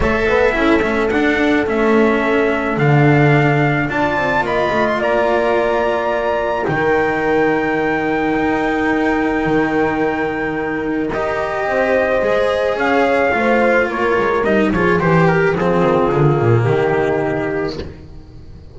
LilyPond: <<
  \new Staff \with { instrumentName = "trumpet" } { \time 4/4 \tempo 4 = 108 e''2 fis''4 e''4~ | e''4 f''2 a''4 | b''8. c'''16 ais''2. | g''1~ |
g''1 | dis''2. f''4~ | f''4 cis''4 dis''8 cis''8 c''8 ais'8 | gis'2 g'2 | }
  \new Staff \with { instrumentName = "horn" } { \time 4/4 cis''8 b'8 a'2.~ | a'2. d''4 | dis''4 d''2. | ais'1~ |
ais'1~ | ais'4 c''2 cis''4 | c''4 ais'4. gis'8 g'4 | f'2 dis'2 | }
  \new Staff \with { instrumentName = "cello" } { \time 4/4 a'4 e'8 cis'8 d'4 cis'4~ | cis'4 d'2 f'4~ | f'1 | dis'1~ |
dis'1 | g'2 gis'2 | f'2 dis'8 f'8 g'4 | c'4 ais2. | }
  \new Staff \with { instrumentName = "double bass" } { \time 4/4 a8 b8 cis'8 a8 d'4 a4~ | a4 d2 d'8 c'8 | ais8 a8 ais2. | dis2. dis'4~ |
dis'4 dis2. | dis'4 c'4 gis4 cis'4 | a4 ais8 gis8 g8 f8 e4 | f8 dis8 d8 ais,8 dis2 | }
>>